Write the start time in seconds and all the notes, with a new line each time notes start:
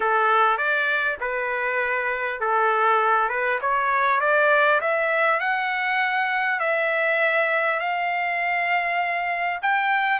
0.00 A4
0.57 D5
1.20 B4
2.40 A4
3.29 B4
3.61 C#5
4.20 D5
4.81 E5
5.39 F#5
6.59 E5
7.79 F5
9.62 G5